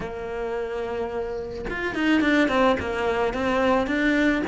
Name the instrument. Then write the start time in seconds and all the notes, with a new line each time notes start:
cello
0.00 A#3
1.69 F4
1.94 D#4
2.21 D4
2.48 C4
2.80 A#3
3.33 C4
3.86 D4